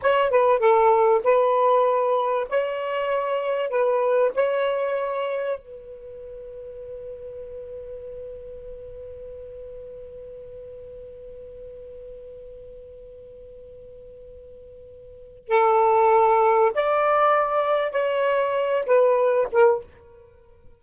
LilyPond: \new Staff \with { instrumentName = "saxophone" } { \time 4/4 \tempo 4 = 97 cis''8 b'8 a'4 b'2 | cis''2 b'4 cis''4~ | cis''4 b'2.~ | b'1~ |
b'1~ | b'1~ | b'4 a'2 d''4~ | d''4 cis''4. b'4 ais'8 | }